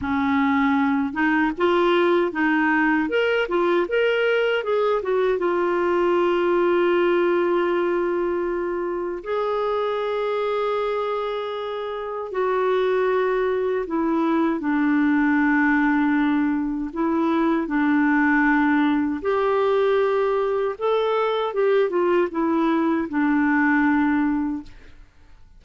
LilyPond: \new Staff \with { instrumentName = "clarinet" } { \time 4/4 \tempo 4 = 78 cis'4. dis'8 f'4 dis'4 | ais'8 f'8 ais'4 gis'8 fis'8 f'4~ | f'1 | gis'1 |
fis'2 e'4 d'4~ | d'2 e'4 d'4~ | d'4 g'2 a'4 | g'8 f'8 e'4 d'2 | }